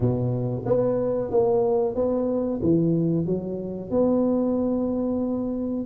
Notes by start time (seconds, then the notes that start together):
0.00 B2
0.65 B3
1.30 A#3
1.95 B3
2.62 E3
3.25 F#3
3.90 B3